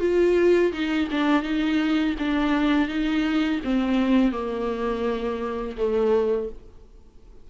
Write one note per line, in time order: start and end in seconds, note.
0.00 0.72 F4
0.72 1.08 D#4
1.11 1.43 D4
1.43 2.15 D#4
2.19 2.88 D4
2.88 3.60 D#4
3.64 4.32 C4
4.32 5.76 A#3
5.77 6.49 A3